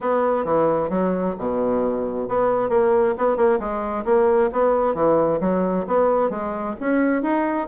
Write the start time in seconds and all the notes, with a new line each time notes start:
0.00 B3
0.44 E3
0.89 F#3
1.38 B2
2.28 B3
2.69 A#3
3.17 B3
3.36 A#3
3.59 G#3
4.05 A#3
4.52 B3
4.94 E3
5.40 F#3
5.87 B3
6.30 G#3
6.79 C#4
7.22 D#4